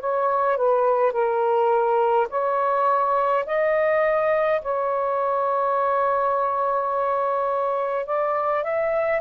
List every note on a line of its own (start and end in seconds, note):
0.00 0.57 C#5
0.57 1.12 B4
1.12 2.28 A#4
2.30 3.45 C#5
3.46 4.62 D#5
4.62 8.07 C#5
8.07 8.64 D5
8.64 9.22 E5